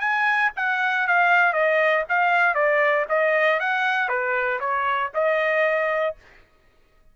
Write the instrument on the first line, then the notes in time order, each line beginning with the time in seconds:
trumpet
0.00 G#5
0.56 F#5
1.07 F5
1.53 D#5
2.09 F5
2.54 D5
3.09 D#5
3.59 F#5
4.08 B4
4.60 C#5
5.14 D#5